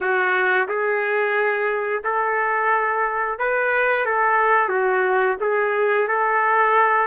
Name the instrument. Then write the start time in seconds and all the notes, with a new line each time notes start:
trumpet
0.00 F#4
0.68 G#4
2.04 A4
3.39 B4
4.05 A4
4.69 F#4
5.40 G#4
6.08 A4